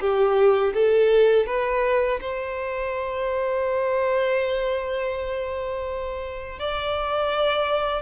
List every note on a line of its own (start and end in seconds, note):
0.00 0.73 G4
0.74 1.46 A4
1.46 2.20 B4
2.21 6.59 C5
6.59 8.02 D5